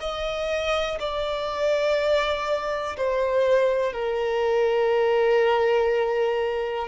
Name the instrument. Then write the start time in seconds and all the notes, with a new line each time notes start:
violin
0.00 D#5
1.00 D5
2.97 C5
3.93 A#4